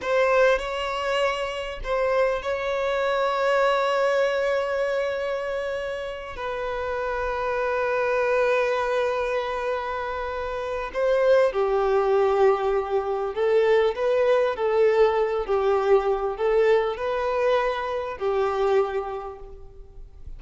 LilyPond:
\new Staff \with { instrumentName = "violin" } { \time 4/4 \tempo 4 = 99 c''4 cis''2 c''4 | cis''1~ | cis''2~ cis''8 b'4.~ | b'1~ |
b'2 c''4 g'4~ | g'2 a'4 b'4 | a'4. g'4. a'4 | b'2 g'2 | }